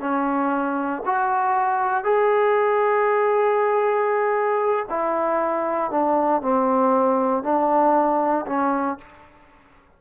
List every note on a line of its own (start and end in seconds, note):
0.00 1.03 C#4
1.06 2.04 F#4
2.04 4.86 G#4
4.89 5.90 E4
5.90 6.41 D4
6.41 7.43 C4
7.43 8.45 D4
8.46 8.98 C#4